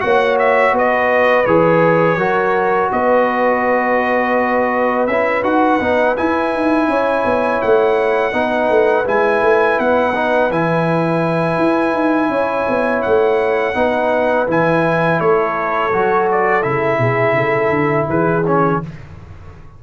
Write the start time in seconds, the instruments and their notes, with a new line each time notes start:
0.00 tuba A#3, trombone F#4, horn C#5, trumpet F#5
0.39 trumpet E5
0.72 tuba B3, horn B4
0.78 trumpet D#5
1.46 tuba E3, trombone G#4, trumpet C#5
2.17 tuba F#3, trombone F#4, horn A#4
2.92 tuba B3, horn B4, trumpet D#5
5.07 tuba C#4, trombone E4, trumpet E5
5.43 tuba D#4, trombone F#4, trumpet F#5
5.80 tuba B3, trombone D#4
6.17 trombone E4, tuba E4, trumpet G#5
6.53 tuba D#4
6.88 tuba C#4, horn C#5
7.25 tuba B3
7.61 tuba A3, trumpet F#5
8.32 tuba B3, trombone D#4, horn B4
8.70 tuba A3
9.05 tuba G#3, trombone E4, trumpet G#5
9.42 tuba A3
9.79 tuba B3, trumpet F#5
10.15 trombone D#4
10.50 tuba E3, trombone E4, trumpet G#5
11.58 tuba E4
11.93 tuba D#4
12.29 tuba C#4, horn C#5
12.68 tuba B3
13.02 tuba A3, trumpet F#5
13.74 tuba B3, trombone D#4, horn B4
14.47 tuba E3, trombone E4, trumpet G#5
15.20 tuba A3, horn A4, trumpet C#5
15.93 tuba F#3, trombone F#4
16.31 trumpet D5
16.62 tuba C#3, trombone E4, trumpet E5
16.98 tuba B2, horn G#4
17.34 tuba C#3, horn A4
17.70 tuba D3
18.09 tuba E3, horn G#4, trumpet B4
18.47 trombone C#4, trumpet C#5